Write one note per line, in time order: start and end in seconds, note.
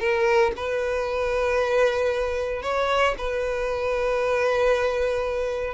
0.00 0.52 A#4
0.57 2.63 B4
2.63 3.15 C#5
3.18 5.74 B4